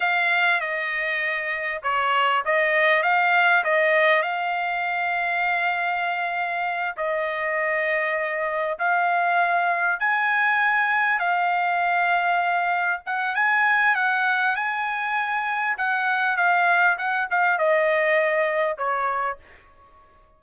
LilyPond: \new Staff \with { instrumentName = "trumpet" } { \time 4/4 \tempo 4 = 99 f''4 dis''2 cis''4 | dis''4 f''4 dis''4 f''4~ | f''2.~ f''8 dis''8~ | dis''2~ dis''8 f''4.~ |
f''8 gis''2 f''4.~ | f''4. fis''8 gis''4 fis''4 | gis''2 fis''4 f''4 | fis''8 f''8 dis''2 cis''4 | }